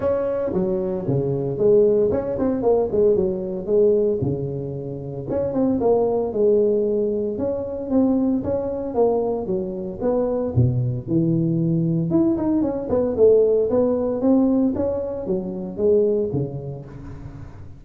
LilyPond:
\new Staff \with { instrumentName = "tuba" } { \time 4/4 \tempo 4 = 114 cis'4 fis4 cis4 gis4 | cis'8 c'8 ais8 gis8 fis4 gis4 | cis2 cis'8 c'8 ais4 | gis2 cis'4 c'4 |
cis'4 ais4 fis4 b4 | b,4 e2 e'8 dis'8 | cis'8 b8 a4 b4 c'4 | cis'4 fis4 gis4 cis4 | }